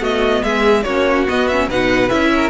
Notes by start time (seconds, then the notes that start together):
0.00 A3 B3 F#4 D#5
0.44 G#3 G#4 E5
0.83 A#3 C#4 F#4 C#5
1.28 B3 D#5
1.48 C#4 E5
1.68 B2 D#4 B4 F#5
2.10 C#4 E4 E5
2.36 A#4